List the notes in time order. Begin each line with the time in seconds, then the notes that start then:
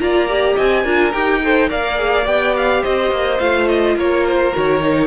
0.00 A#3 F4 D5 A#5
0.28 G4
0.56 C4 D#5 G#5
0.84 D4 F4 A#4
1.13 D#4 G4 G5
1.43 A4 C5
1.70 A#3 A#4 D5 F5
1.96 G#4
2.26 B3 G4 G5
2.57 F5
2.83 C4 C5 D#5
3.11 A#3
3.40 A3 F4 F5
3.69 D#5
3.96 A#3 A#4 C#5
4.27 C5
4.53 D#3 F#4 C#5
4.82 D#4